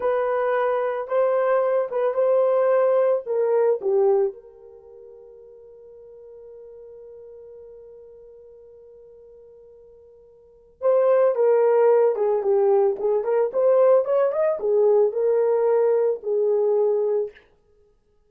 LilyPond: \new Staff \with { instrumentName = "horn" } { \time 4/4 \tempo 4 = 111 b'2 c''4. b'8 | c''2 ais'4 g'4 | ais'1~ | ais'1~ |
ais'1 | c''4 ais'4. gis'8 g'4 | gis'8 ais'8 c''4 cis''8 dis''8 gis'4 | ais'2 gis'2 | }